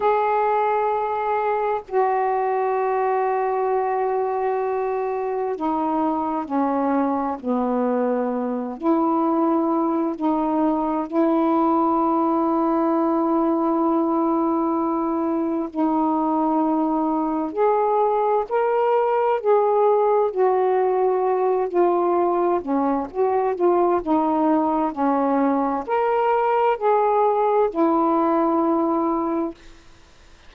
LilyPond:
\new Staff \with { instrumentName = "saxophone" } { \time 4/4 \tempo 4 = 65 gis'2 fis'2~ | fis'2 dis'4 cis'4 | b4. e'4. dis'4 | e'1~ |
e'4 dis'2 gis'4 | ais'4 gis'4 fis'4. f'8~ | f'8 cis'8 fis'8 f'8 dis'4 cis'4 | ais'4 gis'4 e'2 | }